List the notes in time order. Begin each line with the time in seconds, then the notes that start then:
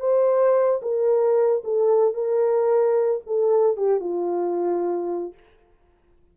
0.00 C5
0.82 A#4
1.64 A4
2.14 A#4
3.26 A4
3.77 G4
4.00 F4